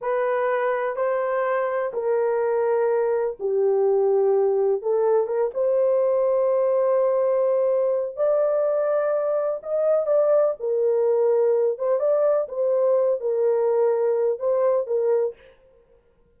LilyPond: \new Staff \with { instrumentName = "horn" } { \time 4/4 \tempo 4 = 125 b'2 c''2 | ais'2. g'4~ | g'2 a'4 ais'8 c''8~ | c''1~ |
c''4 d''2. | dis''4 d''4 ais'2~ | ais'8 c''8 d''4 c''4. ais'8~ | ais'2 c''4 ais'4 | }